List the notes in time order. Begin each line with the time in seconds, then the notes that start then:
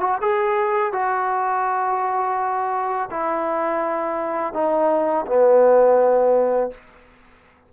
0.00 F#4
0.21 G#4
0.92 F#4
3.10 E4
4.53 D#4
5.26 B3